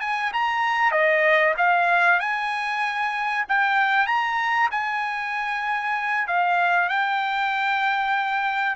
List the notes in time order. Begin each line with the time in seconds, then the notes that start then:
0.00 G#5
0.32 A#5
0.91 D#5
1.57 F5
2.20 G#5
3.48 G5
4.07 A#5
4.71 G#5
6.27 F5
6.89 G5